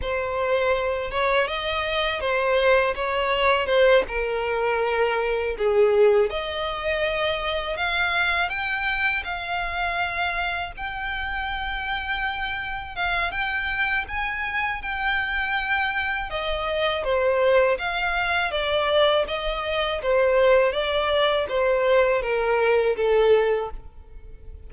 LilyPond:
\new Staff \with { instrumentName = "violin" } { \time 4/4 \tempo 4 = 81 c''4. cis''8 dis''4 c''4 | cis''4 c''8 ais'2 gis'8~ | gis'8 dis''2 f''4 g''8~ | g''8 f''2 g''4.~ |
g''4. f''8 g''4 gis''4 | g''2 dis''4 c''4 | f''4 d''4 dis''4 c''4 | d''4 c''4 ais'4 a'4 | }